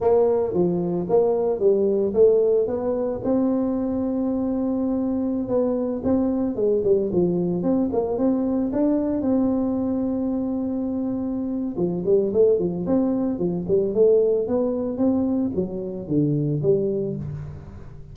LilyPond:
\new Staff \with { instrumentName = "tuba" } { \time 4/4 \tempo 4 = 112 ais4 f4 ais4 g4 | a4 b4 c'2~ | c'2~ c'16 b4 c'8.~ | c'16 gis8 g8 f4 c'8 ais8 c'8.~ |
c'16 d'4 c'2~ c'8.~ | c'2 f8 g8 a8 f8 | c'4 f8 g8 a4 b4 | c'4 fis4 d4 g4 | }